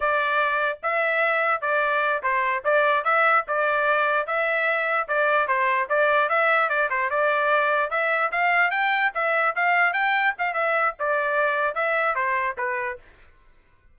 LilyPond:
\new Staff \with { instrumentName = "trumpet" } { \time 4/4 \tempo 4 = 148 d''2 e''2 | d''4. c''4 d''4 e''8~ | e''8 d''2 e''4.~ | e''8 d''4 c''4 d''4 e''8~ |
e''8 d''8 c''8 d''2 e''8~ | e''8 f''4 g''4 e''4 f''8~ | f''8 g''4 f''8 e''4 d''4~ | d''4 e''4 c''4 b'4 | }